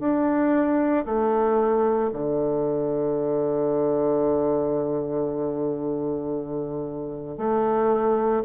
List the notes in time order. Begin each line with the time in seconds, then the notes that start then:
0.00 D4
1.06 A3
2.13 D3
7.38 A3